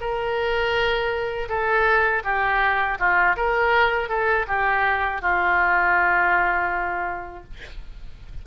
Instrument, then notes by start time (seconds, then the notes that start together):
oboe
0.00 A#4
1.48 A4
2.24 G4
2.99 F4
3.36 A#4
4.08 A4
4.47 G4
5.21 F4